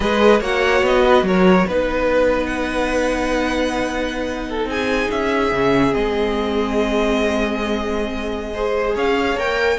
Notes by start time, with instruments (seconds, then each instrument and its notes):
0.00 cello G#3, viola G#4, violin B4 D#5
0.40 cello A#3, viola F#4, violin C#5 F#5
0.81 cello B3, violin D#5
1.05 violin B4
1.22 cello F#3, violin A#4 C#5
1.66 cello B3, viola D#4, violin B4
2.46 violin F#5
4.49 violin A4
4.65 cello C4, violin G#4 G#5
5.10 cello C#4, violin E5
5.52 cello C#3, viola C#4
5.91 cello G#3, viola C4, violin D#5
8.53 viola G#4, violin C5
8.94 cello C#4, violin C#5 F5
9.35 cello A#3, viola A#4, violin G5